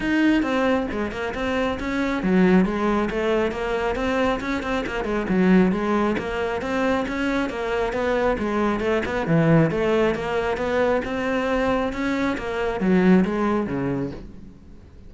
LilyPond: \new Staff \with { instrumentName = "cello" } { \time 4/4 \tempo 4 = 136 dis'4 c'4 gis8 ais8 c'4 | cis'4 fis4 gis4 a4 | ais4 c'4 cis'8 c'8 ais8 gis8 | fis4 gis4 ais4 c'4 |
cis'4 ais4 b4 gis4 | a8 b8 e4 a4 ais4 | b4 c'2 cis'4 | ais4 fis4 gis4 cis4 | }